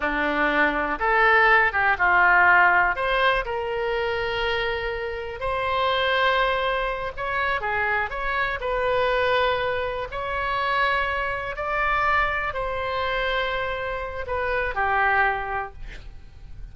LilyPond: \new Staff \with { instrumentName = "oboe" } { \time 4/4 \tempo 4 = 122 d'2 a'4. g'8 | f'2 c''4 ais'4~ | ais'2. c''4~ | c''2~ c''8 cis''4 gis'8~ |
gis'8 cis''4 b'2~ b'8~ | b'8 cis''2. d''8~ | d''4. c''2~ c''8~ | c''4 b'4 g'2 | }